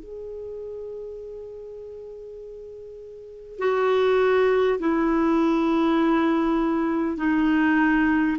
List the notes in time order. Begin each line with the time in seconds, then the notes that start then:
0.00 G#4
3.59 F#4
4.80 E4
7.18 D#4